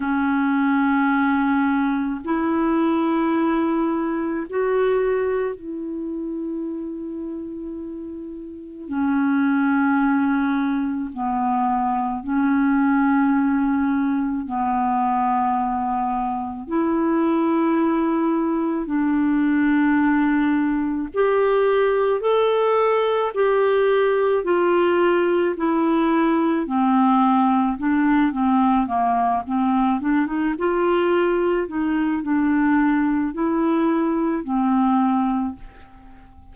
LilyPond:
\new Staff \with { instrumentName = "clarinet" } { \time 4/4 \tempo 4 = 54 cis'2 e'2 | fis'4 e'2. | cis'2 b4 cis'4~ | cis'4 b2 e'4~ |
e'4 d'2 g'4 | a'4 g'4 f'4 e'4 | c'4 d'8 c'8 ais8 c'8 d'16 dis'16 f'8~ | f'8 dis'8 d'4 e'4 c'4 | }